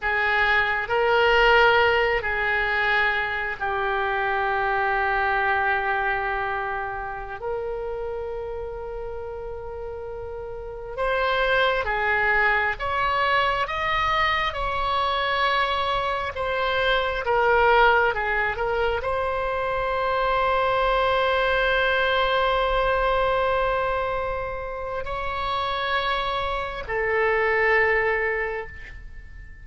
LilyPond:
\new Staff \with { instrumentName = "oboe" } { \time 4/4 \tempo 4 = 67 gis'4 ais'4. gis'4. | g'1~ | g'16 ais'2.~ ais'8.~ | ais'16 c''4 gis'4 cis''4 dis''8.~ |
dis''16 cis''2 c''4 ais'8.~ | ais'16 gis'8 ais'8 c''2~ c''8.~ | c''1 | cis''2 a'2 | }